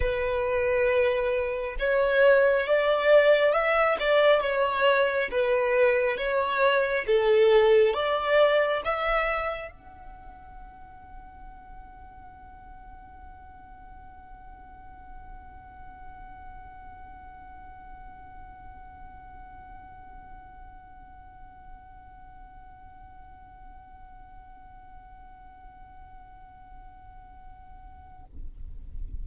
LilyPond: \new Staff \with { instrumentName = "violin" } { \time 4/4 \tempo 4 = 68 b'2 cis''4 d''4 | e''8 d''8 cis''4 b'4 cis''4 | a'4 d''4 e''4 fis''4~ | fis''1~ |
fis''1~ | fis''1~ | fis''1~ | fis''1 | }